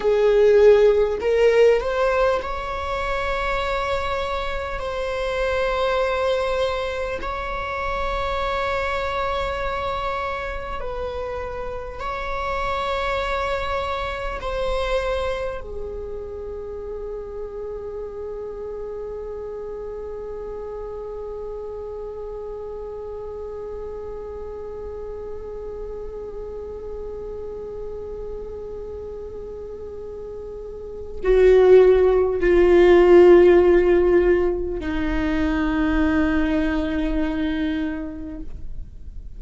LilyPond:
\new Staff \with { instrumentName = "viola" } { \time 4/4 \tempo 4 = 50 gis'4 ais'8 c''8 cis''2 | c''2 cis''2~ | cis''4 b'4 cis''2 | c''4 gis'2.~ |
gis'1~ | gis'1~ | gis'2 fis'4 f'4~ | f'4 dis'2. | }